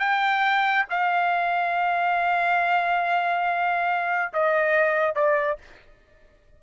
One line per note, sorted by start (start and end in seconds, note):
0.00 0.86 G5
0.90 4.33 F5
4.34 5.15 D#5
5.15 5.58 D5